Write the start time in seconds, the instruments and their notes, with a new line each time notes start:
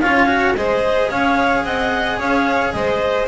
0.00 double bass C#4, cello F4, violin C#5, clarinet F5
0.27 cello F#4
0.55 double bass G#3, cello G#4, violin C5, clarinet D#5
1.09 double bass C#4, violin C#5, clarinet F5
1.64 double bass C4, violin D#5, clarinet F#5
2.18 double bass C#4, violin C#5, clarinet F5
2.72 double bass G#3, violin C5, clarinet D#5